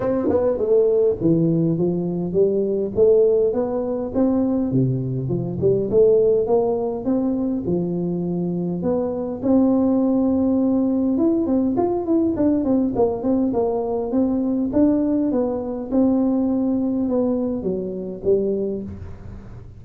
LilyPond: \new Staff \with { instrumentName = "tuba" } { \time 4/4 \tempo 4 = 102 c'8 b8 a4 e4 f4 | g4 a4 b4 c'4 | c4 f8 g8 a4 ais4 | c'4 f2 b4 |
c'2. e'8 c'8 | f'8 e'8 d'8 c'8 ais8 c'8 ais4 | c'4 d'4 b4 c'4~ | c'4 b4 fis4 g4 | }